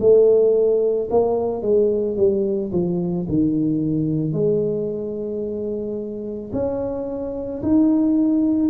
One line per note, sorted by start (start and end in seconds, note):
0.00 1.09 A3
1.11 1.63 A#3
1.63 2.17 G#3
2.17 2.72 G3
2.73 3.27 F3
3.29 4.33 D#3
4.33 6.52 G#3
6.54 7.63 C#4
7.63 8.70 D#4